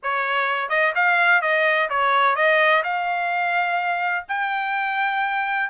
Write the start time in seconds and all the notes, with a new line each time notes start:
0.02 C#5
0.69 D#5
0.95 F5
1.41 D#5
1.89 C#5
2.35 D#5
2.83 F5
4.28 G5